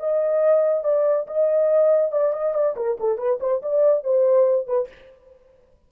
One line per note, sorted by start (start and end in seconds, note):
0.00 0.84 D#5
0.84 1.27 D5
1.27 2.12 D#5
2.12 2.33 D5
2.33 2.54 D#5
2.54 2.76 D5
2.77 2.98 A#4
3.00 3.18 A4
3.18 3.39 B4
3.41 3.62 C5
3.63 4.04 D5
4.04 4.67 C5
4.67 4.89 B4